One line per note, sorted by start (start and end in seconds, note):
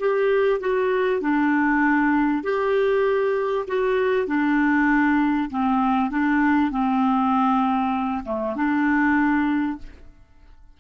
0.00 0.61 G4
0.61 1.22 F#4
1.22 2.44 D4
2.44 3.66 G4
3.68 4.28 F#4
4.28 5.50 D4
5.50 6.11 C4
6.11 6.71 D4
6.71 8.24 C4
8.25 8.56 A3
8.56 9.78 D4